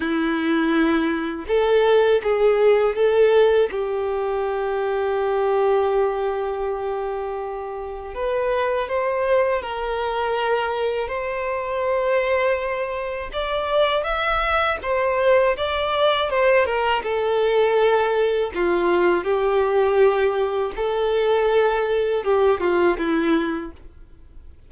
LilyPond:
\new Staff \with { instrumentName = "violin" } { \time 4/4 \tempo 4 = 81 e'2 a'4 gis'4 | a'4 g'2.~ | g'2. b'4 | c''4 ais'2 c''4~ |
c''2 d''4 e''4 | c''4 d''4 c''8 ais'8 a'4~ | a'4 f'4 g'2 | a'2 g'8 f'8 e'4 | }